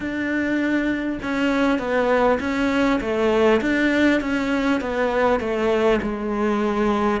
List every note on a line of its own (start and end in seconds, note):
0.00 1.19 D4
1.22 1.78 C#4
1.78 2.38 B3
2.39 2.99 C#4
3.01 3.61 A3
3.61 4.20 D4
4.20 4.80 C#4
4.80 5.39 B3
5.39 5.99 A3
6.02 7.20 G#3